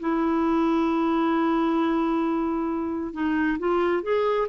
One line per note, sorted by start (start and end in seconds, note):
0.00 3.13 E4
3.13 3.58 D#4
3.59 4.03 F4
4.03 4.47 G#4